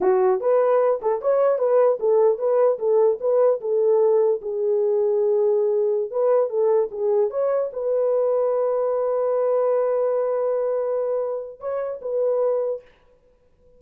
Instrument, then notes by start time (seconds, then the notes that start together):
horn
0.00 F#4
0.40 B4
1.02 A4
1.21 C#5
1.58 B4
1.99 A4
2.38 B4
2.79 A4
3.20 B4
3.60 A4
4.41 G#4
6.10 B4
6.49 A4
6.91 G#4
7.30 C#5
7.72 B4
11.59 C#5
12.01 B4